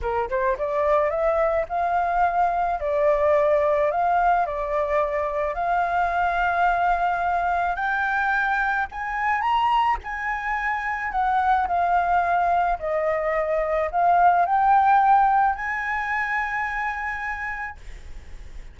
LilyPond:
\new Staff \with { instrumentName = "flute" } { \time 4/4 \tempo 4 = 108 ais'8 c''8 d''4 e''4 f''4~ | f''4 d''2 f''4 | d''2 f''2~ | f''2 g''2 |
gis''4 ais''4 gis''2 | fis''4 f''2 dis''4~ | dis''4 f''4 g''2 | gis''1 | }